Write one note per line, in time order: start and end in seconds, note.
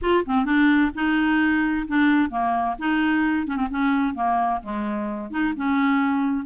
0.01 0.24 F4
0.26 0.45 C4
0.45 0.91 D4
0.94 1.87 D#4
1.87 2.30 D4
2.30 2.76 A#3
2.78 3.47 D#4
3.47 3.56 C#4
3.56 3.67 C4
3.70 4.14 C#4
4.14 4.60 A#3
4.63 5.30 G#3
5.30 5.53 D#4
5.56 6.45 C#4